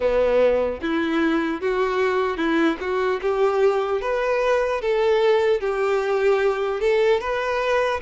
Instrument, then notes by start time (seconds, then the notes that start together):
violin
0.00 B3
0.81 E4
1.61 F#4
2.37 E4
2.80 F#4
3.21 G4
4.01 B4
4.81 A4
5.60 G4
6.80 A4
7.20 B4